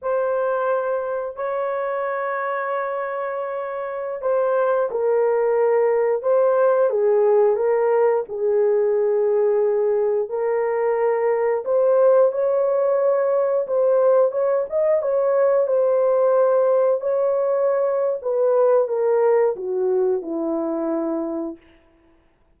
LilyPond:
\new Staff \with { instrumentName = "horn" } { \time 4/4 \tempo 4 = 89 c''2 cis''2~ | cis''2~ cis''16 c''4 ais'8.~ | ais'4~ ais'16 c''4 gis'4 ais'8.~ | ais'16 gis'2. ais'8.~ |
ais'4~ ais'16 c''4 cis''4.~ cis''16~ | cis''16 c''4 cis''8 dis''8 cis''4 c''8.~ | c''4~ c''16 cis''4.~ cis''16 b'4 | ais'4 fis'4 e'2 | }